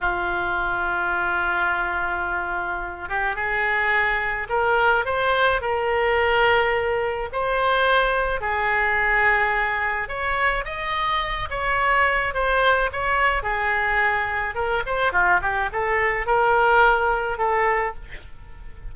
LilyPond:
\new Staff \with { instrumentName = "oboe" } { \time 4/4 \tempo 4 = 107 f'1~ | f'4. g'8 gis'2 | ais'4 c''4 ais'2~ | ais'4 c''2 gis'4~ |
gis'2 cis''4 dis''4~ | dis''8 cis''4. c''4 cis''4 | gis'2 ais'8 c''8 f'8 g'8 | a'4 ais'2 a'4 | }